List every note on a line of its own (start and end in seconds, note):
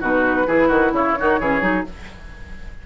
0.00 0.46 B2
0.00 0.46 D#4
0.00 0.46 F#4
0.00 0.93 B4
0.46 0.69 E3
0.46 1.15 E4
0.46 0.68 G#4
0.68 0.92 D#3
0.68 0.91 F#4
0.92 1.15 C#3
0.92 1.18 E4
0.92 1.86 C#5
1.17 1.40 D#3
1.17 1.40 D#4
1.17 1.40 F#4
1.40 1.61 E3
1.40 1.60 C#4
1.40 1.86 G#4
1.60 1.84 F#3
1.60 1.83 D#4